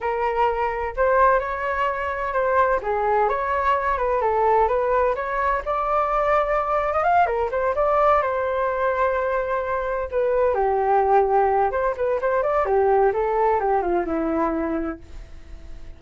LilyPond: \new Staff \with { instrumentName = "flute" } { \time 4/4 \tempo 4 = 128 ais'2 c''4 cis''4~ | cis''4 c''4 gis'4 cis''4~ | cis''8 b'8 a'4 b'4 cis''4 | d''2~ d''8. dis''16 f''8 ais'8 |
c''8 d''4 c''2~ c''8~ | c''4. b'4 g'4.~ | g'4 c''8 b'8 c''8 d''8 g'4 | a'4 g'8 f'8 e'2 | }